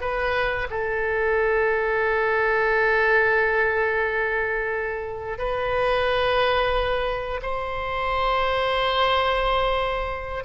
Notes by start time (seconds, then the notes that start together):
0.00 B4
0.70 A4
5.38 B4
7.42 C5